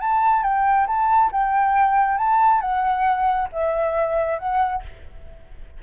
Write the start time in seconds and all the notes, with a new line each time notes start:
0.00 A5
0.43 G5
0.87 A5
1.31 G5
2.17 A5
2.61 F#5
3.52 E5
4.38 F#5